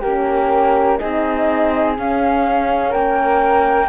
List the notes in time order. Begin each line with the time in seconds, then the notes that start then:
0.00 A#3 C#4 G4 A#4
0.98 C4 D#4 G#4 D#5
1.97 C#4 F5
2.89 A#3 A#4 G5